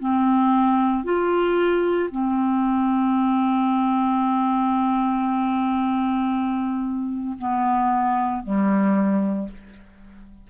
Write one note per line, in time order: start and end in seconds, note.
0.00 1.04 C4
1.04 2.10 F4
2.11 7.38 C4
7.39 8.44 B3
8.44 9.49 G3